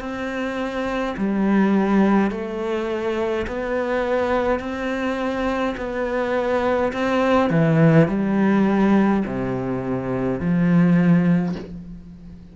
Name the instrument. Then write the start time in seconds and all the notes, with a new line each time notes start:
cello
0.00 C4
1.17 G3
2.31 A3
3.47 B3
4.60 C4
5.77 B3
6.93 C4
7.51 E3
8.08 G3
9.26 C3
10.40 F3